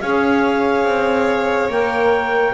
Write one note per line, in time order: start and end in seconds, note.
0.00 0.84 C#4
0.00 1.70 G#4
0.00 2.54 C#5
0.00 1.69 F5
0.84 1.68 C4
1.69 2.53 A#3
1.69 2.54 A#4
1.69 2.54 G5